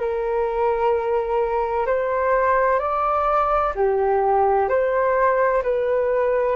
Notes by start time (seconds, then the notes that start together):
0.00 A#4
1.87 C5
2.80 D5
3.75 G4
4.69 C5
5.63 B4